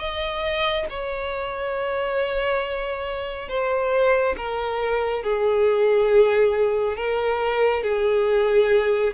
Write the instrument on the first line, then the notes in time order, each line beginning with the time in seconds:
violin
0.00 D#5
0.90 C#5
3.49 C5
4.38 A#4
5.23 G#4
6.97 A#4
7.84 G#4